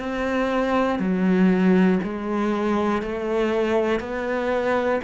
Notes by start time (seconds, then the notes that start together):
0.00 C4
0.99 F#3
2.03 G#3
3.02 A3
4.00 B3